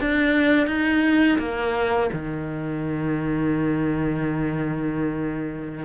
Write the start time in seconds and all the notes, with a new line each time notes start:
0.00 D4
0.67 D#4
1.38 A#3
2.12 D#3